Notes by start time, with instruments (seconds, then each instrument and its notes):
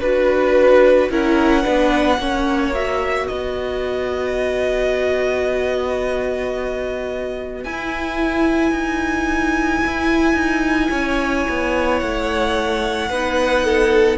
0.00 cello D4, viola F#4, violin B4
1.10 cello C#4, viola E4, violin A#4 F#5
1.63 cello B3, viola D4, violin B4
2.17 cello A#3, viola C#4, violin C#5
2.74 viola F#4, violin E5
3.27 cello B3, violin B4 D#5
7.63 cello E4, viola E4, violin G#5
8.71 cello D#4
9.85 cello E4
10.33 cello D#4
10.90 cello C#4, violin C#5
11.48 cello B3
11.99 cello A3, violin F#5
13.09 cello B3, viola D#4, violin B4
13.64 violin A4